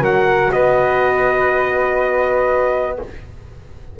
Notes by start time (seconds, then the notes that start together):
0.00 F#3 F#4 A#4 F#5
0.52 B3 B4 D#5